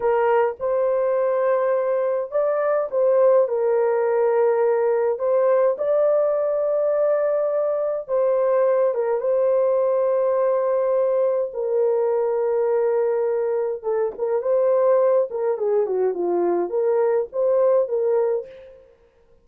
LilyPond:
\new Staff \with { instrumentName = "horn" } { \time 4/4 \tempo 4 = 104 ais'4 c''2. | d''4 c''4 ais'2~ | ais'4 c''4 d''2~ | d''2 c''4. ais'8 |
c''1 | ais'1 | a'8 ais'8 c''4. ais'8 gis'8 fis'8 | f'4 ais'4 c''4 ais'4 | }